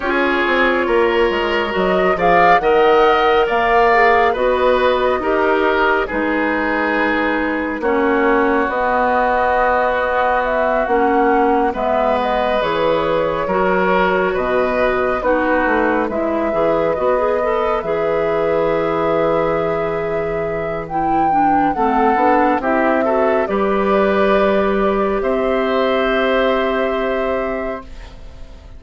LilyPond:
<<
  \new Staff \with { instrumentName = "flute" } { \time 4/4 \tempo 4 = 69 cis''2 dis''8 f''8 fis''4 | f''4 dis''2 b'4~ | b'4 cis''4 dis''2 | e''8 fis''4 e''8 dis''8 cis''4.~ |
cis''8 dis''4 b'4 e''4 dis''8~ | dis''8 e''2.~ e''8 | g''4 fis''4 e''4 d''4~ | d''4 e''2. | }
  \new Staff \with { instrumentName = "oboe" } { \time 4/4 gis'4 ais'4. d''8 dis''4 | d''4 b'4 ais'4 gis'4~ | gis'4 fis'2.~ | fis'4. b'2 ais'8~ |
ais'8 b'4 fis'4 b'4.~ | b'1~ | b'4 a'4 g'8 a'8 b'4~ | b'4 c''2. | }
  \new Staff \with { instrumentName = "clarinet" } { \time 4/4 f'2 fis'8 gis'8 ais'4~ | ais'8 gis'8 fis'4 g'4 dis'4~ | dis'4 cis'4 b2~ | b8 cis'4 b4 gis'4 fis'8~ |
fis'4. dis'4 e'8 gis'8 fis'16 gis'16 | a'8 gis'2.~ gis'8 | e'8 d'8 c'8 d'8 e'8 fis'8 g'4~ | g'1 | }
  \new Staff \with { instrumentName = "bassoon" } { \time 4/4 cis'8 c'8 ais8 gis8 fis8 f8 dis4 | ais4 b4 dis'4 gis4~ | gis4 ais4 b2~ | b8 ais4 gis4 e4 fis8~ |
fis8 b,4 b8 a8 gis8 e8 b8~ | b8 e2.~ e8~ | e4 a8 b8 c'4 g4~ | g4 c'2. | }
>>